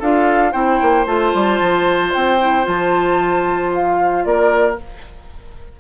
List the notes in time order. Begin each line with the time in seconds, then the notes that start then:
0.00 D4 F4 A4 F5
0.52 C4 E4 C5 G5
0.82 A#3
1.06 A3 F4 A5
1.35 G3
1.61 F3
2.14 C4 G5
2.40 E4
2.64 F3 F4 A5
3.75 F5
4.25 A#3 A#4 D5